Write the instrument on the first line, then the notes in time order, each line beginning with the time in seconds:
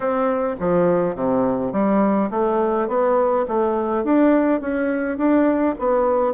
bassoon
0.00 C4
0.59 F3
1.15 C3
1.72 G3
2.30 A3
2.88 B3
3.48 A3
4.04 D4
4.60 C#4
5.17 D4
5.78 B3